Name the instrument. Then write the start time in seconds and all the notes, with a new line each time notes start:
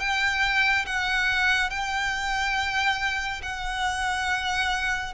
violin
0.00 G5
0.86 F#5
1.71 G5
3.43 F#5